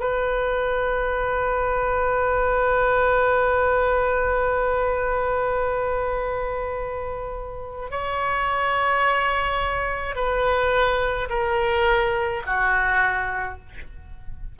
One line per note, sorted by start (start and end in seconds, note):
0.00 7.91 B4
7.91 10.16 C#5
10.16 11.29 B4
11.30 12.43 A#4
12.46 13.60 F#4